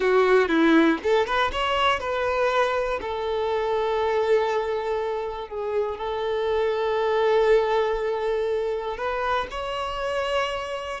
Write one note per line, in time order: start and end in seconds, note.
0.00 0.48 F#4
0.48 0.98 E4
1.02 1.26 A4
1.26 1.51 B4
1.52 1.99 C#5
1.99 2.99 B4
3.01 5.48 A4
5.48 5.98 G#4
5.98 8.97 A4
8.97 9.47 B4
9.50 11.00 C#5